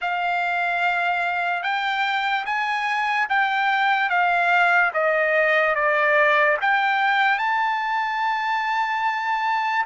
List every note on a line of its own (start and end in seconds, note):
0.01 1.62 F5
1.62 2.44 G5
2.45 3.27 G#5
3.29 4.09 G5
4.09 4.91 F5
4.93 5.75 D#5
5.75 6.57 D5
6.61 7.38 G5
7.38 9.85 A5